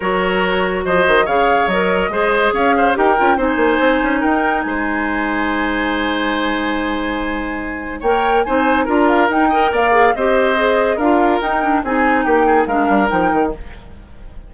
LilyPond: <<
  \new Staff \with { instrumentName = "flute" } { \time 4/4 \tempo 4 = 142 cis''2 dis''4 f''4 | dis''2 f''4 g''4 | gis''2 g''4 gis''4~ | gis''1~ |
gis''2. g''4 | gis''4 ais''8 f''8 g''4 f''4 | dis''2 f''4 g''4 | gis''4 g''4 f''4 g''4 | }
  \new Staff \with { instrumentName = "oboe" } { \time 4/4 ais'2 c''4 cis''4~ | cis''4 c''4 cis''8 c''8 ais'4 | c''2 ais'4 c''4~ | c''1~ |
c''2. cis''4 | c''4 ais'4. dis''8 d''4 | c''2 ais'2 | gis'4 g'8 gis'8 ais'2 | }
  \new Staff \with { instrumentName = "clarinet" } { \time 4/4 fis'2. gis'4 | ais'4 gis'2 g'8 f'8 | dis'1~ | dis'1~ |
dis'2. ais'4 | dis'4 f'4 dis'8 ais'4 gis'8 | g'4 gis'4 f'4 dis'8 d'8 | dis'2 d'4 dis'4 | }
  \new Staff \with { instrumentName = "bassoon" } { \time 4/4 fis2 f8 dis8 cis4 | fis4 gis4 cis'4 dis'8 cis'8 | c'8 ais8 c'8 cis'8 dis'4 gis4~ | gis1~ |
gis2. ais4 | c'4 d'4 dis'4 ais4 | c'2 d'4 dis'4 | c'4 ais4 gis8 g8 f8 dis8 | }
>>